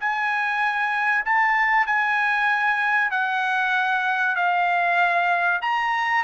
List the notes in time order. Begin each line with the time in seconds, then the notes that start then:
0.00 G#5
1.25 A5
1.86 G#5
3.11 F#5
4.36 F5
5.62 A#5